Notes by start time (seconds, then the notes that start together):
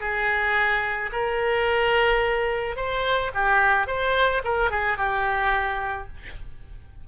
0.00 G#4
1.12 A#4
2.76 C5
3.34 G4
3.87 C5
4.44 A#4
4.70 G#4
4.97 G4